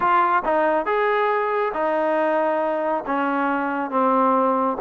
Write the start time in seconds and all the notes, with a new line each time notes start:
0.00 F4
0.44 D#4
0.85 G#4
1.73 D#4
3.06 C#4
3.90 C4